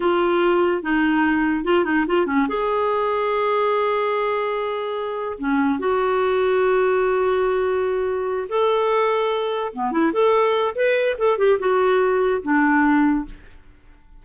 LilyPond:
\new Staff \with { instrumentName = "clarinet" } { \time 4/4 \tempo 4 = 145 f'2 dis'2 | f'8 dis'8 f'8 cis'8 gis'2~ | gis'1~ | gis'4 cis'4 fis'2~ |
fis'1~ | fis'8 a'2. b8 | e'8 a'4. b'4 a'8 g'8 | fis'2 d'2 | }